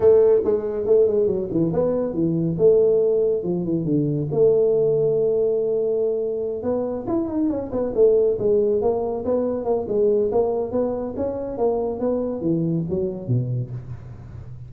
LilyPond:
\new Staff \with { instrumentName = "tuba" } { \time 4/4 \tempo 4 = 140 a4 gis4 a8 gis8 fis8 e8 | b4 e4 a2 | f8 e8 d4 a2~ | a2.~ a8 b8~ |
b8 e'8 dis'8 cis'8 b8 a4 gis8~ | gis8 ais4 b4 ais8 gis4 | ais4 b4 cis'4 ais4 | b4 e4 fis4 b,4 | }